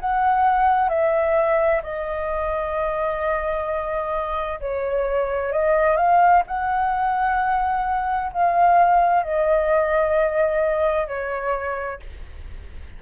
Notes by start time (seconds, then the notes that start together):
0.00 F#5
0.89 E5
1.83 D#5
4.61 C#5
5.53 D#5
5.97 F5
6.47 F#5
8.33 F5
9.23 D#5
11.08 C#5